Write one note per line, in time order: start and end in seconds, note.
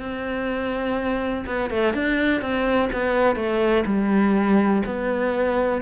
0.00 1.45 C4
1.46 1.70 B3
1.70 1.94 A3
1.94 2.41 D4
2.41 2.89 C4
2.93 3.36 B3
3.36 3.84 A3
3.86 4.83 G3
4.86 5.82 B3